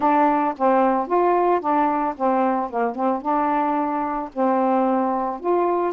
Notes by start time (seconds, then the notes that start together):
0.00 D4
0.57 C4
1.07 F4
1.60 D4
2.16 C4
2.70 A#3
2.95 C4
3.21 D4
4.33 C4
5.40 F4